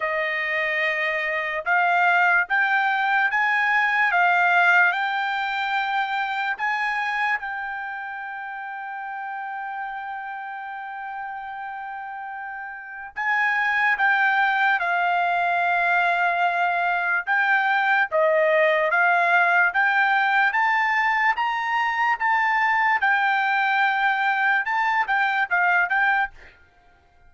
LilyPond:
\new Staff \with { instrumentName = "trumpet" } { \time 4/4 \tempo 4 = 73 dis''2 f''4 g''4 | gis''4 f''4 g''2 | gis''4 g''2.~ | g''1 |
gis''4 g''4 f''2~ | f''4 g''4 dis''4 f''4 | g''4 a''4 ais''4 a''4 | g''2 a''8 g''8 f''8 g''8 | }